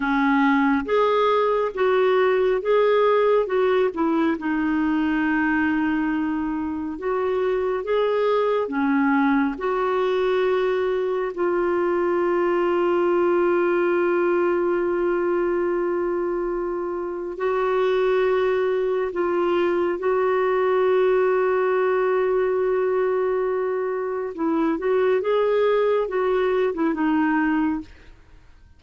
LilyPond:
\new Staff \with { instrumentName = "clarinet" } { \time 4/4 \tempo 4 = 69 cis'4 gis'4 fis'4 gis'4 | fis'8 e'8 dis'2. | fis'4 gis'4 cis'4 fis'4~ | fis'4 f'2.~ |
f'1 | fis'2 f'4 fis'4~ | fis'1 | e'8 fis'8 gis'4 fis'8. e'16 dis'4 | }